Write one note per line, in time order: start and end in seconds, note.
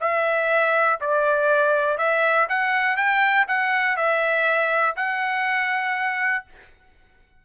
0.00 0.99 E5
1.00 1.97 D5
1.97 2.47 E5
2.49 2.96 F#5
2.96 3.46 G5
3.47 3.96 F#5
3.96 4.95 E5
4.96 6.45 F#5